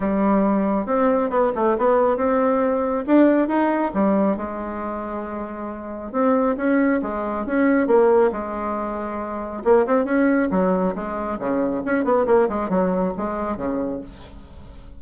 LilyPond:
\new Staff \with { instrumentName = "bassoon" } { \time 4/4 \tempo 4 = 137 g2 c'4 b8 a8 | b4 c'2 d'4 | dis'4 g4 gis2~ | gis2 c'4 cis'4 |
gis4 cis'4 ais4 gis4~ | gis2 ais8 c'8 cis'4 | fis4 gis4 cis4 cis'8 b8 | ais8 gis8 fis4 gis4 cis4 | }